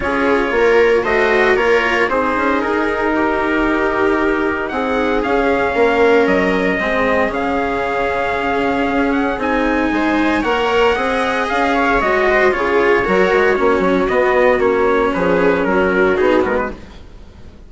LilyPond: <<
  \new Staff \with { instrumentName = "trumpet" } { \time 4/4 \tempo 4 = 115 cis''2 dis''4 cis''4 | c''4 ais'2.~ | ais'4 fis''4 f''2 | dis''2 f''2~ |
f''4. fis''8 gis''2 | fis''2 f''4 dis''4 | cis''2. dis''4 | cis''4 b'4 ais'4 gis'8 ais'16 b'16 | }
  \new Staff \with { instrumentName = "viola" } { \time 4/4 gis'4 ais'4 c''4 ais'4 | gis'2 g'2~ | g'4 gis'2 ais'4~ | ais'4 gis'2.~ |
gis'2. c''4 | cis''4 dis''4. cis''4 c''8 | gis'4 ais'4 fis'2~ | fis'4 gis'4 fis'2 | }
  \new Staff \with { instrumentName = "cello" } { \time 4/4 f'2 fis'4 f'4 | dis'1~ | dis'2 cis'2~ | cis'4 c'4 cis'2~ |
cis'2 dis'2 | ais'4 gis'2 fis'4 | f'4 fis'4 cis'4 b4 | cis'2. dis'8 b8 | }
  \new Staff \with { instrumentName = "bassoon" } { \time 4/4 cis'4 ais4 a4 ais4 | c'8 cis'8 dis'2.~ | dis'4 c'4 cis'4 ais4 | fis4 gis4 cis2~ |
cis4 cis'4 c'4 gis4 | ais4 c'4 cis'4 gis4 | cis4 fis8 gis8 ais8 fis8 b4 | ais4 f4 fis4 b8 gis8 | }
>>